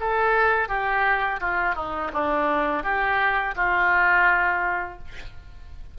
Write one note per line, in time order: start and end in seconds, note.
0.00 0.69 A4
0.69 1.40 G4
1.40 1.75 F4
1.75 2.11 D#4
2.13 2.83 D4
2.83 3.55 G4
3.56 4.98 F4